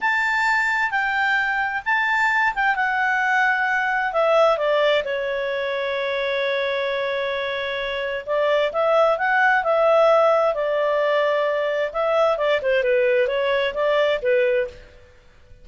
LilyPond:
\new Staff \with { instrumentName = "clarinet" } { \time 4/4 \tempo 4 = 131 a''2 g''2 | a''4. g''8 fis''2~ | fis''4 e''4 d''4 cis''4~ | cis''1~ |
cis''2 d''4 e''4 | fis''4 e''2 d''4~ | d''2 e''4 d''8 c''8 | b'4 cis''4 d''4 b'4 | }